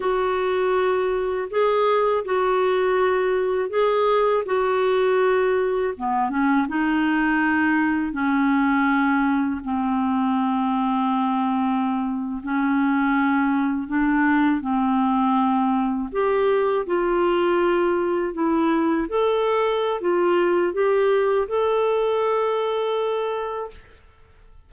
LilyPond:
\new Staff \with { instrumentName = "clarinet" } { \time 4/4 \tempo 4 = 81 fis'2 gis'4 fis'4~ | fis'4 gis'4 fis'2 | b8 cis'8 dis'2 cis'4~ | cis'4 c'2.~ |
c'8. cis'2 d'4 c'16~ | c'4.~ c'16 g'4 f'4~ f'16~ | f'8. e'4 a'4~ a'16 f'4 | g'4 a'2. | }